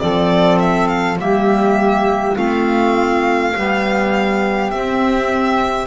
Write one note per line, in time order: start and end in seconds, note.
0.00 1.20 F3
0.00 1.18 C4
0.00 1.20 A4
0.00 0.59 D5
0.60 0.88 E5
0.88 1.18 F5
1.18 2.37 G3
1.18 2.36 A#3
1.18 2.36 G4
1.18 2.38 E5
2.36 3.56 A3
2.36 3.54 C4
2.36 3.53 F4
2.36 4.71 F5
3.55 4.73 G3
3.55 4.72 B3
3.55 5.87 G4
4.71 5.87 C4
4.71 5.87 E5